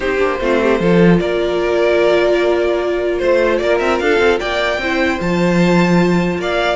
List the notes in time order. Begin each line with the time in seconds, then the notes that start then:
0.00 C4 D#4 G4 C5
0.18 A#3 D4
0.40 A3 C4 F4
0.62 G4
0.79 F3 F4 A4
1.18 A#3 A#4 D5
3.19 A3 C5
3.58 A#3 A#4 D5
3.78 C4 E5
3.99 D4 A4 F5
4.18 C4
4.39 A#3 D5 G5
4.78 C4 E4 C5
5.19 F3 F4 A5
6.37 A#3 D5 F5